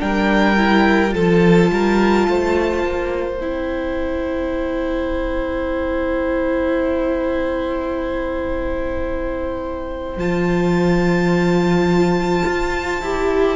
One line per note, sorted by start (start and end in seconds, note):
0.00 1.15 G3
0.00 0.57 D4
0.00 1.15 A#4
0.00 1.14 G5
0.57 1.11 E4
1.11 1.71 F3
1.11 3.37 F4
1.11 1.71 A4
1.11 3.42 A5
1.71 2.28 G3
1.71 2.29 A#4
2.28 2.84 A3
2.28 13.56 C5
2.84 3.41 A#3
3.41 10.17 C4
3.41 10.19 E4
3.41 10.20 G5
10.17 12.44 F3
10.17 13.02 F4
10.17 13.56 A5
12.47 13.02 F4
13.02 13.56 E4
13.02 13.56 G4